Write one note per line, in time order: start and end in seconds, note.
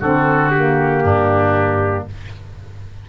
0.00 1.04 D3
0.00 0.53 C4
0.00 1.03 F#4
0.00 0.51 A4
0.51 2.09 A#3
0.51 2.06 G4
1.04 2.07 G2
1.04 2.08 D4